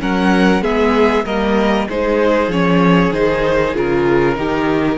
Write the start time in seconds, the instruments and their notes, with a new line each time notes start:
0.00 cello F#3, viola C#4, violin A#4 F#5
0.63 cello G#3, viola B3, violin G#4 E5
1.26 cello G3, viola A#3, violin A#4 D#5
1.89 cello G#3, viola D#4, violin G#4 C5
2.48 cello F3, viola C#4, violin C#5
3.12 cello D#3, viola D#4, violin C5
3.76 cello C#3, viola F4, violin A#4
4.36 cello D#3, viola D#4, violin G4